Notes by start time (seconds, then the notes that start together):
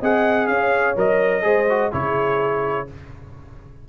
0.00 C4 G#4 D#5 F#5
0.47 C#4 C#5 F5
0.96 F#3 A#4 D#5
1.42 G#3 G#4 C5
1.69 F#4
1.92 C#3 E4 G#4 C#5